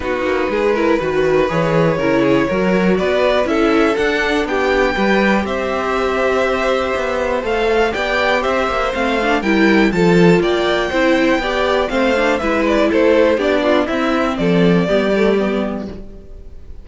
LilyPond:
<<
  \new Staff \with { instrumentName = "violin" } { \time 4/4 \tempo 4 = 121 b'2. cis''4~ | cis''2 d''4 e''4 | fis''4 g''2 e''4~ | e''2. f''4 |
g''4 e''4 f''4 g''4 | a''4 g''2. | f''4 e''8 d''8 c''4 d''4 | e''4 d''2. | }
  \new Staff \with { instrumentName = "violin" } { \time 4/4 fis'4 gis'8 ais'8 b'2 | ais'8 gis'8 ais'4 b'4 a'4~ | a'4 g'4 b'4 c''4~ | c''1 |
d''4 c''2 ais'4 | a'4 d''4 c''4 d''4 | c''4 b'4 a'4 g'8 f'8 | e'4 a'4 g'2 | }
  \new Staff \with { instrumentName = "viola" } { \time 4/4 dis'4. e'8 fis'4 gis'4 | e'4 fis'2 e'4 | d'2 g'2~ | g'2. a'4 |
g'2 c'8 d'8 e'4 | f'2 e'4 g'4 | c'8 d'8 e'2 d'4 | c'2 b8 a8 b4 | }
  \new Staff \with { instrumentName = "cello" } { \time 4/4 b8 ais8 gis4 dis4 e4 | cis4 fis4 b4 cis'4 | d'4 b4 g4 c'4~ | c'2 b4 a4 |
b4 c'8 ais8 a4 g4 | f4 ais4 c'4 b4 | a4 gis4 a4 b4 | c'4 f4 g2 | }
>>